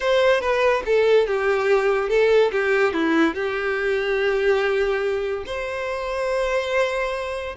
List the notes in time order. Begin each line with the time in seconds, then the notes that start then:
0.00 C5
0.41 B4
0.85 A4
1.26 G4
2.09 A4
2.51 G4
2.93 E4
3.34 G4
5.45 C5